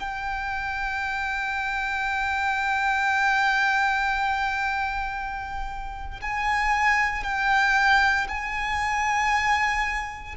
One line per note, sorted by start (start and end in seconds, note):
0.00 6.21 G5
6.22 7.24 G#5
7.24 8.28 G5
8.29 10.35 G#5